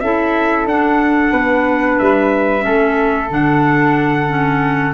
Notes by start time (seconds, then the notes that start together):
0.00 C#4 E4 A4 E5
0.66 D4 F#5
1.31 B3 B4
1.98 G3 E5
2.60 A3 C#4 A4
3.30 D3 D4 F#5
4.28 C#4